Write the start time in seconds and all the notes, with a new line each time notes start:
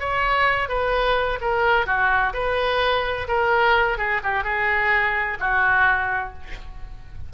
0.00 C#5
0.69 B4
1.41 A#4
1.87 F#4
2.34 B4
3.28 A#4
3.98 G#4
4.24 G4
4.44 G#4
5.40 F#4